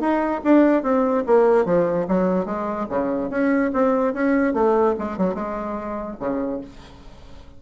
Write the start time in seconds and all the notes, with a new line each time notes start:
0.00 D#4
0.44 D4
0.83 C4
1.26 A#3
1.65 F3
2.08 F#3
2.46 G#3
2.89 C#3
3.30 C#4
3.73 C4
4.14 C#4
4.54 A3
4.99 G#3
5.18 F#3
5.35 G#3
6.20 C#3